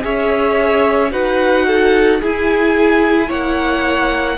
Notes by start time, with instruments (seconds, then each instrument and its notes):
0.00 cello C#4, viola G#4, violin C#5 E5
1.11 cello D#4, viola F#4, violin B4 F#5
1.66 violin A4
2.21 cello E4, viola E4, violin G#4 G#5
3.27 cello A#3, violin C#5 F#5